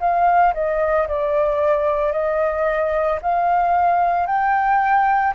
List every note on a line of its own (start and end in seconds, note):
0.00 0.54 F5
0.54 1.08 D#5
1.08 2.13 D5
2.13 3.20 D#5
3.22 4.27 F5
4.27 5.34 G5